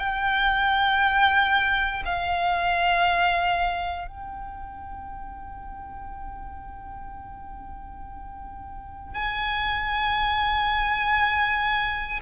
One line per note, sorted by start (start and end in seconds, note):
0.00 2.03 G5
2.06 4.08 F5
4.08 9.15 G5
9.15 12.20 G#5